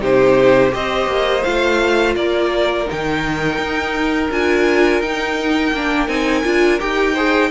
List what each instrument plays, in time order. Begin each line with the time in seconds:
0.00 cello C3, viola D#4, violin G4 C5
0.69 cello C4, viola G4, violin C5 D#5
1.07 cello A#3
1.43 cello A3, viola F4, violin F5
2.15 cello A#3, violin A#4 D5
2.85 viola D#4, violin G5
2.92 cello D#3
3.58 cello D#4
4.31 cello D4, viola F4, violin G#5
5.00 cello D#4, viola D#4, violin G5
5.72 cello A#3, viola D4
6.08 cello C4, viola D#4, violin G#5
6.44 cello D4, viola F4
6.79 cello D#4, viola G4, violin G5
7.14 viola G#4, violin C5